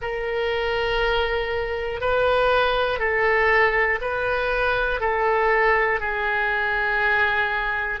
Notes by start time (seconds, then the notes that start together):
0.01 A#4
2.00 B4
2.99 A4
4.01 B4
5.00 A4
6.00 G#4